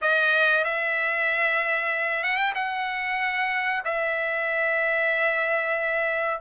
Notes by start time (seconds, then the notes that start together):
0.01 D#5
0.64 E5
2.23 F#5
2.36 G5
2.54 F#5
3.85 E5